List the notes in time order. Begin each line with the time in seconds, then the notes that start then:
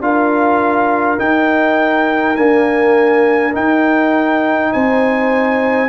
0.00 D4 F4 A#4 F5
1.18 D#4 G5
2.36 A#3 D4 G#5
3.52 D#4 G5
4.72 C4 C5 G#5